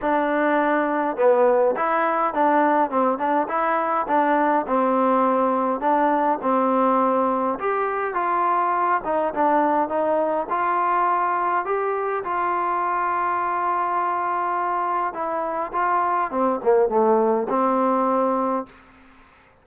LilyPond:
\new Staff \with { instrumentName = "trombone" } { \time 4/4 \tempo 4 = 103 d'2 b4 e'4 | d'4 c'8 d'8 e'4 d'4 | c'2 d'4 c'4~ | c'4 g'4 f'4. dis'8 |
d'4 dis'4 f'2 | g'4 f'2.~ | f'2 e'4 f'4 | c'8 ais8 a4 c'2 | }